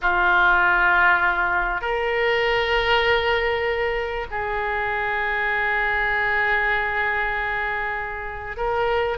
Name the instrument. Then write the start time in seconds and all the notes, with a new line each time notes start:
oboe
0.01 F4
1.81 A#4
4.31 G#4
8.56 A#4